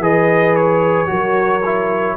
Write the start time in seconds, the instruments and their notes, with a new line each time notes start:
0.00 tuba E3, trombone G#4, horn B4, trumpet D#5
0.56 trumpet C#5
1.07 tuba F#3, trombone F#4, horn A#4
1.66 trombone E4